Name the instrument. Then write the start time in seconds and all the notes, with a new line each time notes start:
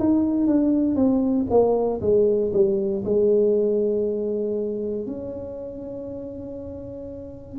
tuba
0.00 D#4
0.48 D4
0.96 C4
1.51 A#3
2.02 G#3
2.53 G3
3.05 G#3
5.07 C#4